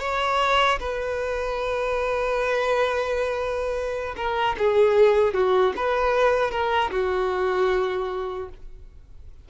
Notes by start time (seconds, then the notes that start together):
0.00 C#5
0.79 B4
4.17 A#4
4.58 G#4
5.34 F#4
5.76 B4
6.51 A#4
6.91 F#4